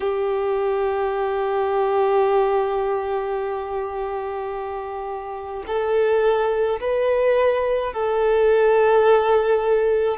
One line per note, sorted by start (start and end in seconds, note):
0.00 5.63 G4
5.67 6.80 A4
6.80 7.92 B4
7.92 10.17 A4